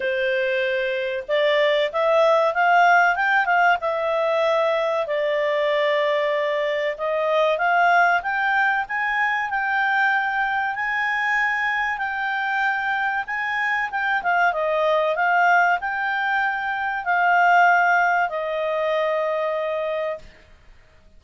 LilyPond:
\new Staff \with { instrumentName = "clarinet" } { \time 4/4 \tempo 4 = 95 c''2 d''4 e''4 | f''4 g''8 f''8 e''2 | d''2. dis''4 | f''4 g''4 gis''4 g''4~ |
g''4 gis''2 g''4~ | g''4 gis''4 g''8 f''8 dis''4 | f''4 g''2 f''4~ | f''4 dis''2. | }